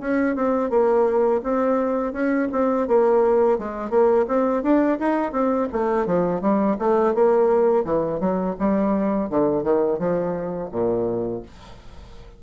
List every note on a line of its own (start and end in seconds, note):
0.00 0.35 C#4
0.35 0.70 C4
0.70 1.41 A#3
1.43 2.13 C4
2.13 2.48 C#4
2.52 2.87 C4
2.87 3.58 A#3
3.58 3.90 G#3
3.90 4.25 A#3
4.28 4.63 C4
4.63 4.98 D4
4.99 5.32 D#4
5.32 5.68 C4
5.72 6.06 A3
6.06 6.41 F3
6.41 6.77 G3
6.79 7.14 A3
7.14 7.84 A#3
7.84 8.20 E3
8.20 8.56 F#3
8.59 9.29 G3
9.29 9.63 D3
9.63 9.98 D#3
9.98 10.70 F3
10.71 11.42 A#2